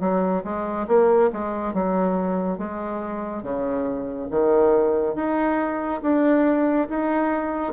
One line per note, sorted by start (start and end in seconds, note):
0.00 0.43 F#3
0.44 0.86 G#3
0.88 1.31 A#3
1.32 1.73 G#3
1.73 2.58 F#3
2.58 3.42 G#3
3.42 4.28 C#3
4.31 5.15 D#3
5.15 6.01 D#4
6.02 6.88 D4
6.89 7.73 D#4